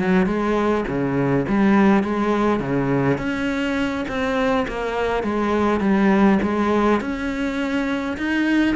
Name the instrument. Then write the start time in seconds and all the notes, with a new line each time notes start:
cello
0.00 F#3
0.27 G#3
0.88 C#3
1.49 G3
2.04 G#3
2.60 C#3
3.19 C#4
4.09 C4
4.68 A#3
5.24 G#3
5.81 G3
6.43 G#3
7.01 C#4
8.18 D#4